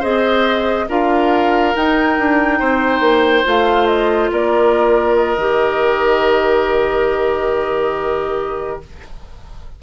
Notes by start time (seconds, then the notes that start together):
0.00 C4 G#4 C5 D#5
0.89 D4 F4 A#4 F5
1.76 D#4 G5
2.19 D4
2.60 C4 C5
3.01 A#3
3.45 A3 F4 F5
3.87 D#5
4.32 A#3 A#4 D5
5.16 D#5
5.38 D#3 G4